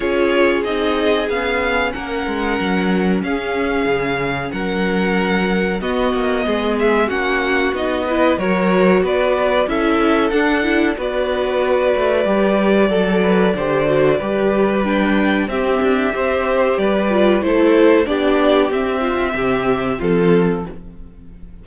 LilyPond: <<
  \new Staff \with { instrumentName = "violin" } { \time 4/4 \tempo 4 = 93 cis''4 dis''4 f''4 fis''4~ | fis''4 f''2 fis''4~ | fis''4 dis''4. e''8 fis''4 | dis''4 cis''4 d''4 e''4 |
fis''4 d''2.~ | d''2. g''4 | e''2 d''4 c''4 | d''4 e''2 a'4 | }
  \new Staff \with { instrumentName = "violin" } { \time 4/4 gis'2. ais'4~ | ais'4 gis'2 ais'4~ | ais'4 fis'4 gis'4 fis'4~ | fis'8 b'8 ais'4 b'4 a'4~ |
a'4 b'2. | a'8 b'8 c''4 b'2 | g'4 c''4 b'4 a'4 | g'4. f'8 g'4 f'4 | }
  \new Staff \with { instrumentName = "viola" } { \time 4/4 f'4 dis'4 cis'2~ | cis'1~ | cis'4 b2 cis'4 | dis'8 e'8 fis'2 e'4 |
d'8 e'8 fis'2 g'4 | a'4 g'8 fis'8 g'4 d'4 | c'4 g'4. f'8 e'4 | d'4 c'2. | }
  \new Staff \with { instrumentName = "cello" } { \time 4/4 cis'4 c'4 b4 ais8 gis8 | fis4 cis'4 cis4 fis4~ | fis4 b8 ais8 gis4 ais4 | b4 fis4 b4 cis'4 |
d'4 b4. a8 g4 | fis4 d4 g2 | c'8 d'8 c'4 g4 a4 | b4 c'4 c4 f4 | }
>>